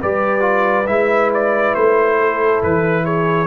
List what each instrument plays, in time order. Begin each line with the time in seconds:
0.00 tuba G3, trombone G4, horn B4, trumpet D5
0.40 trombone F4
0.87 tuba G#3, trombone E4, trumpet E5
1.34 trumpet D5
1.74 tuba A3, trumpet C5
2.20 horn A4
2.63 tuba E3, trumpet B4
3.04 horn G#4, trumpet C#5